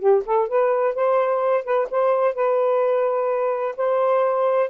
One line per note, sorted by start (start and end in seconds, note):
0.00 0.23 G4
0.26 0.49 A4
0.49 0.95 B4
0.95 1.65 C5
1.65 1.88 B4
1.91 2.35 C5
2.35 3.76 B4
3.77 4.70 C5